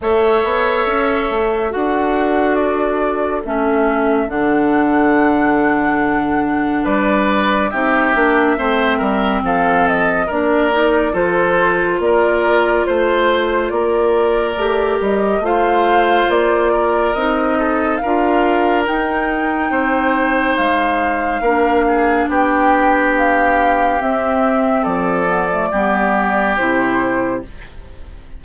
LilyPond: <<
  \new Staff \with { instrumentName = "flute" } { \time 4/4 \tempo 4 = 70 e''2 fis''4 d''4 | e''4 fis''2. | d''4 e''2 f''8 dis''8 | d''4 c''4 d''4 c''4 |
d''4. dis''8 f''4 d''4 | dis''4 f''4 g''2 | f''2 g''4 f''4 | e''4 d''2 c''4 | }
  \new Staff \with { instrumentName = "oboe" } { \time 4/4 cis''2 a'2~ | a'1 | b'4 g'4 c''8 ais'8 a'4 | ais'4 a'4 ais'4 c''4 |
ais'2 c''4. ais'8~ | ais'8 a'8 ais'2 c''4~ | c''4 ais'8 gis'8 g'2~ | g'4 a'4 g'2 | }
  \new Staff \with { instrumentName = "clarinet" } { \time 4/4 a'2 fis'2 | cis'4 d'2.~ | d'4 dis'8 d'8 c'2 | d'8 dis'8 f'2.~ |
f'4 g'4 f'2 | dis'4 f'4 dis'2~ | dis'4 d'2. | c'4. b16 a16 b4 e'4 | }
  \new Staff \with { instrumentName = "bassoon" } { \time 4/4 a8 b8 cis'8 a8 d'2 | a4 d2. | g4 c'8 ais8 a8 g8 f4 | ais4 f4 ais4 a4 |
ais4 a8 g8 a4 ais4 | c'4 d'4 dis'4 c'4 | gis4 ais4 b2 | c'4 f4 g4 c4 | }
>>